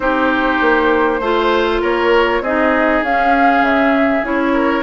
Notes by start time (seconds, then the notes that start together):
0.00 C4 D#4 G4 C5
0.61 A#3
1.20 A3 F4 C5
1.81 A#3 A#4 C#5
2.41 C4 D#4 G#4 D#5
3.02 C#4 F5
3.60 C#3 E5
4.22 C#4 E4 C#5
4.53 A#4